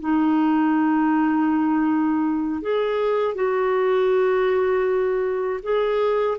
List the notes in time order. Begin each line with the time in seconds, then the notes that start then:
0.00 D#4
2.62 G#4
3.35 F#4
5.63 G#4